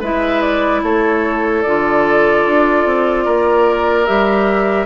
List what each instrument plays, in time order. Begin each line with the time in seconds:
0.00 bassoon G#3, clarinet E4, oboe B4, flute E5
0.41 flute D5
0.83 bassoon A3, oboe A4, flute C#5
1.62 bassoon D3, clarinet F4, flute D5
2.46 bassoon D4
2.85 bassoon C4
3.24 bassoon A#3, oboe A#4
4.06 bassoon G3, clarinet G4, flute E5